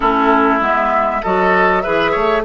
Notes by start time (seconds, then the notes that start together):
0.00 A3 C#4 E4 A4
0.60 G#3 B3 E5
1.22 F#3 F#4 A4 D#5
1.81 E3 G#4 B4 E5
2.11 A3 C#5